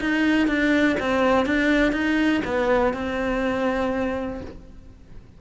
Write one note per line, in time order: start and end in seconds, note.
0.00 0.47 D#4
0.47 0.97 D4
0.99 1.46 C4
1.46 1.92 D4
1.92 2.41 D#4
2.44 2.93 B3
2.93 4.41 C4